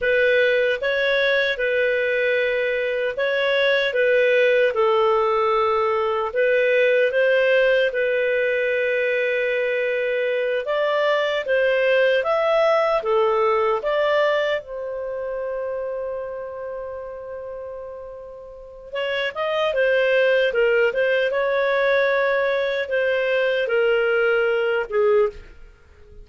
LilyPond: \new Staff \with { instrumentName = "clarinet" } { \time 4/4 \tempo 4 = 76 b'4 cis''4 b'2 | cis''4 b'4 a'2 | b'4 c''4 b'2~ | b'4. d''4 c''4 e''8~ |
e''8 a'4 d''4 c''4.~ | c''1 | cis''8 dis''8 c''4 ais'8 c''8 cis''4~ | cis''4 c''4 ais'4. gis'8 | }